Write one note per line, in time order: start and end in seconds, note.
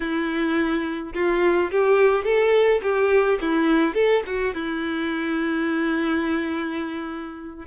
0.00 1.13 E4
1.14 1.70 F4
1.71 2.24 G4
2.24 2.80 A4
2.82 3.39 G4
3.41 3.94 E4
3.94 4.22 A4
4.26 4.54 F#4
4.54 7.65 E4